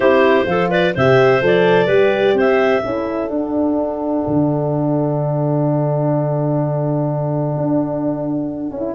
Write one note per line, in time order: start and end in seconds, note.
0.00 0.45 C4
0.00 0.46 E4
0.00 0.45 G4
0.00 0.70 C5
0.46 0.93 F3
0.46 0.93 F4
0.46 0.70 A4
0.70 0.94 B4
0.70 0.94 D5
0.95 1.41 C3
0.95 1.41 G4
0.95 1.86 C5
0.95 1.44 E5
1.41 1.86 F3
1.41 1.88 A4
1.41 2.39 D5
1.86 2.33 G3
1.86 2.83 G4
1.86 2.33 B4
2.33 2.80 C4
2.33 2.81 C5
2.39 3.30 E5
2.81 3.28 C#4
2.81 3.31 E4
2.81 8.94 A4
3.28 4.23 D4
3.28 8.75 D4
3.28 8.94 F#5
4.27 7.56 D3
7.56 8.71 D4
8.71 8.94 C#4
8.71 8.94 E4